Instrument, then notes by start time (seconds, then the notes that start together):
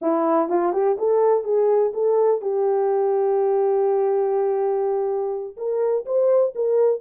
horn
0.01 E4
0.49 F4
0.73 G4
0.98 A4
1.44 G#4
1.93 A4
2.41 G4
5.56 A#4
6.05 C5
6.55 A#4